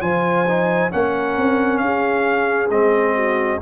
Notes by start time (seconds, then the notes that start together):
0.00 F3 F4 C5 G#5
0.47 D#4
0.90 A#3 C#4 A#4 F#5
1.37 C4
1.77 C#4 G#4 F5
2.70 G#3 C4 D#5
3.14 F#4